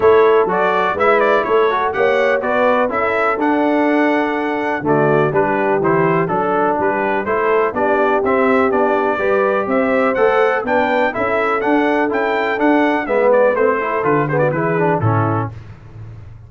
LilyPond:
<<
  \new Staff \with { instrumentName = "trumpet" } { \time 4/4 \tempo 4 = 124 cis''4 d''4 e''8 d''8 cis''4 | fis''4 d''4 e''4 fis''4~ | fis''2 d''4 b'4 | c''4 a'4 b'4 c''4 |
d''4 e''4 d''2 | e''4 fis''4 g''4 e''4 | fis''4 g''4 fis''4 e''8 d''8 | c''4 b'8 c''16 d''16 b'4 a'4 | }
  \new Staff \with { instrumentName = "horn" } { \time 4/4 a'2 b'4 a'4 | cis''4 b'4 a'2~ | a'2 fis'4 g'4~ | g'4 a'4 g'4 a'4 |
g'2. b'4 | c''2 b'4 a'4~ | a'2. b'4~ | b'8 a'4 gis'16 fis'16 gis'4 e'4 | }
  \new Staff \with { instrumentName = "trombone" } { \time 4/4 e'4 fis'4 e'4. fis'8 | g'4 fis'4 e'4 d'4~ | d'2 a4 d'4 | e'4 d'2 e'4 |
d'4 c'4 d'4 g'4~ | g'4 a'4 d'4 e'4 | d'4 e'4 d'4 b4 | c'8 e'8 f'8 b8 e'8 d'8 cis'4 | }
  \new Staff \with { instrumentName = "tuba" } { \time 4/4 a4 fis4 gis4 a4 | ais4 b4 cis'4 d'4~ | d'2 d4 g4 | e4 fis4 g4 a4 |
b4 c'4 b4 g4 | c'4 a4 b4 cis'4 | d'4 cis'4 d'4 gis4 | a4 d4 e4 a,4 | }
>>